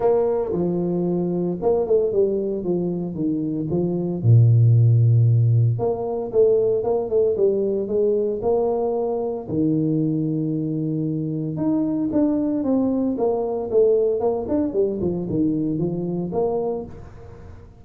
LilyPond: \new Staff \with { instrumentName = "tuba" } { \time 4/4 \tempo 4 = 114 ais4 f2 ais8 a8 | g4 f4 dis4 f4 | ais,2. ais4 | a4 ais8 a8 g4 gis4 |
ais2 dis2~ | dis2 dis'4 d'4 | c'4 ais4 a4 ais8 d'8 | g8 f8 dis4 f4 ais4 | }